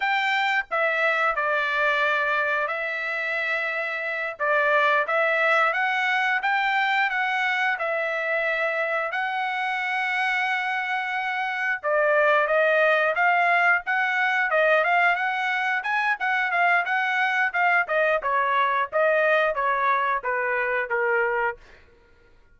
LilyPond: \new Staff \with { instrumentName = "trumpet" } { \time 4/4 \tempo 4 = 89 g''4 e''4 d''2 | e''2~ e''8 d''4 e''8~ | e''8 fis''4 g''4 fis''4 e''8~ | e''4. fis''2~ fis''8~ |
fis''4. d''4 dis''4 f''8~ | f''8 fis''4 dis''8 f''8 fis''4 gis''8 | fis''8 f''8 fis''4 f''8 dis''8 cis''4 | dis''4 cis''4 b'4 ais'4 | }